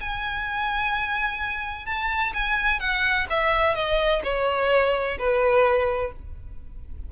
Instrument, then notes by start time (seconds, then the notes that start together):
violin
0.00 G#5
1.85 A5
2.34 G#5
2.80 F#5
3.29 E5
3.75 D#5
4.24 C#5
5.18 B4